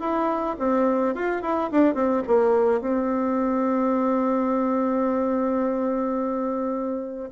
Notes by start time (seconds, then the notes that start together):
0.00 E4
0.59 C4
1.15 F4
1.42 E4
1.72 D4
1.94 C4
2.27 A#3
2.81 C4